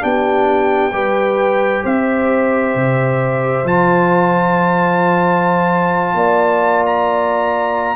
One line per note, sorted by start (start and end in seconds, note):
0.00 0.92 B3
0.00 0.91 D4
0.00 0.94 G4
0.00 1.85 G5
0.92 1.83 G3
0.92 3.65 G4
0.92 1.84 B4
1.84 2.75 C4
1.84 6.16 C5
1.84 3.67 E5
2.75 3.64 C3
3.64 6.14 F3
3.64 7.96 F4
3.64 6.85 A5
6.14 7.96 A#3
6.14 7.96 D5
6.86 7.96 A#5